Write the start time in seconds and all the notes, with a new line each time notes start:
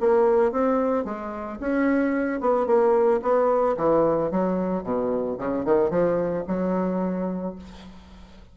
0.00 A#3
0.52 C4
1.04 G#3
1.60 C#4
2.40 B3
2.66 A#3
3.22 B3
3.77 E3
4.30 F#3
4.83 B2
5.38 C#3
5.64 D#3
5.90 F3
6.47 F#3